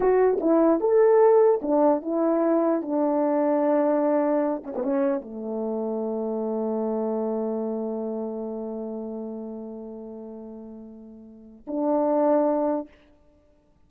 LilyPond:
\new Staff \with { instrumentName = "horn" } { \time 4/4 \tempo 4 = 149 fis'4 e'4 a'2 | d'4 e'2 d'4~ | d'2.~ d'8 cis'16 b16 | cis'4 a2.~ |
a1~ | a1~ | a1~ | a4 d'2. | }